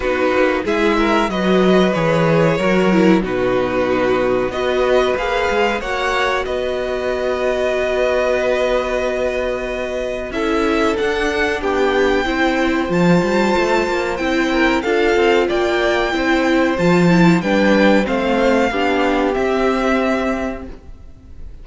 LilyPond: <<
  \new Staff \with { instrumentName = "violin" } { \time 4/4 \tempo 4 = 93 b'4 e''4 dis''4 cis''4~ | cis''4 b'2 dis''4 | f''4 fis''4 dis''2~ | dis''1 |
e''4 fis''4 g''2 | a''2 g''4 f''4 | g''2 a''4 g''4 | f''2 e''2 | }
  \new Staff \with { instrumentName = "violin" } { \time 4/4 fis'4 gis'8 ais'8 b'2 | ais'4 fis'2 b'4~ | b'4 cis''4 b'2~ | b'1 |
a'2 g'4 c''4~ | c''2~ c''8 ais'8 a'4 | d''4 c''2 b'4 | c''4 g'2. | }
  \new Staff \with { instrumentName = "viola" } { \time 4/4 dis'4 e'4 fis'4 gis'4 | fis'8 e'8 dis'2 fis'4 | gis'4 fis'2.~ | fis'1 |
e'4 d'2 e'4 | f'2 e'4 f'4~ | f'4 e'4 f'8 e'8 d'4 | c'4 d'4 c'2 | }
  \new Staff \with { instrumentName = "cello" } { \time 4/4 b8 ais8 gis4 fis4 e4 | fis4 b,2 b4 | ais8 gis8 ais4 b2~ | b1 |
cis'4 d'4 b4 c'4 | f8 g8 a8 ais8 c'4 d'8 c'8 | ais4 c'4 f4 g4 | a4 b4 c'2 | }
>>